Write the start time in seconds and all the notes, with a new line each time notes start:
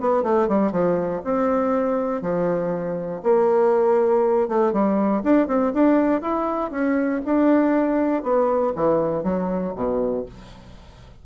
0.00 B3
0.23 A3
0.48 G3
0.72 F3
1.24 C4
2.22 F3
3.23 A#3
4.48 A3
4.73 G3
5.23 D4
5.47 C4
5.74 D4
6.21 E4
6.71 C#4
7.25 D4
8.23 B3
8.75 E3
9.23 F#3
9.75 B2